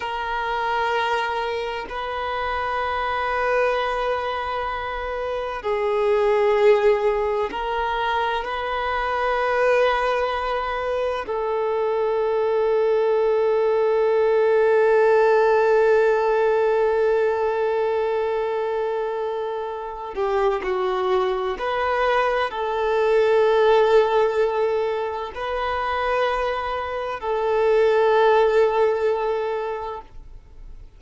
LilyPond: \new Staff \with { instrumentName = "violin" } { \time 4/4 \tempo 4 = 64 ais'2 b'2~ | b'2 gis'2 | ais'4 b'2. | a'1~ |
a'1~ | a'4. g'8 fis'4 b'4 | a'2. b'4~ | b'4 a'2. | }